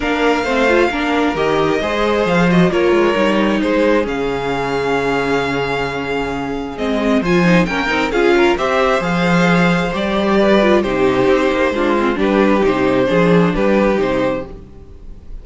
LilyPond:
<<
  \new Staff \with { instrumentName = "violin" } { \time 4/4 \tempo 4 = 133 f''2. dis''4~ | dis''4 f''8 dis''8 cis''2 | c''4 f''2.~ | f''2. dis''4 |
gis''4 g''4 f''4 e''4 | f''2 d''2 | c''2. b'4 | c''2 b'4 c''4 | }
  \new Staff \with { instrumentName = "violin" } { \time 4/4 ais'4 c''4 ais'2 | c''2 ais'2 | gis'1~ | gis'1 |
c''4 ais'4 gis'8 ais'8 c''4~ | c''2. b'4 | g'2 f'4 g'4~ | g'4 gis'4 g'2 | }
  \new Staff \with { instrumentName = "viola" } { \time 4/4 d'4 c'8 f'8 d'4 g'4 | gis'4. fis'8 f'4 dis'4~ | dis'4 cis'2.~ | cis'2. c'4 |
f'8 dis'8 cis'8 dis'8 f'4 g'4 | gis'2 g'4. f'8 | dis'2 d'8 c'8 d'4 | dis'4 d'2 dis'4 | }
  \new Staff \with { instrumentName = "cello" } { \time 4/4 ais4 a4 ais4 dis4 | gis4 f4 ais8 gis8 g4 | gis4 cis2.~ | cis2. gis4 |
f4 ais8 c'8 cis'4 c'4 | f2 g2 | c4 c'8 ais8 gis4 g4 | c4 f4 g4 c4 | }
>>